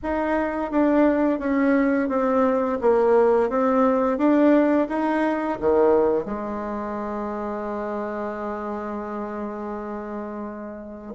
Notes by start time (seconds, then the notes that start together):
0.03 D#4
0.71 D4
1.39 C#4
2.08 C4
2.81 A#3
3.49 C4
4.18 D4
4.88 D#4
5.60 D#3
6.25 G#3